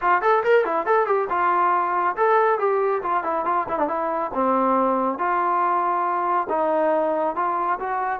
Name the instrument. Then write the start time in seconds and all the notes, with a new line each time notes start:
trombone
0.01 F4
0.21 A4
0.43 A#4
0.65 E4
0.86 A4
1.06 G4
1.29 F4
2.16 A4
2.58 G4
3.02 F4
3.23 E4
3.45 F4
3.68 E4
3.78 D4
3.88 E4
4.33 C4
5.18 F4
6.49 D#4
7.35 F4
7.79 F#4